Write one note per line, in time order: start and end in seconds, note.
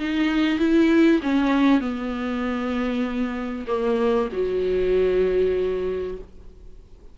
0.00 0.60 D#4
0.60 1.21 E4
1.23 1.81 C#4
1.81 3.66 B3
3.67 4.29 A#3
4.33 6.19 F#3